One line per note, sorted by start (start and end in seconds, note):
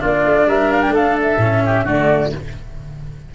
0.00 0.25 A#3
0.00 1.38 D4
0.00 0.47 F4
0.00 0.50 D5
0.25 0.47 A3
0.47 0.89 G3
0.47 0.94 A#4
0.47 0.72 E5
0.72 0.82 F5
0.82 0.94 G5
0.89 1.35 A3
0.89 1.63 A4
0.96 1.19 F5
1.22 1.89 E5
1.37 1.84 A2
1.37 1.87 C#4
1.66 1.85 G4
1.85 2.32 D3
1.85 2.33 A3
1.85 2.31 F#4
1.85 2.35 D5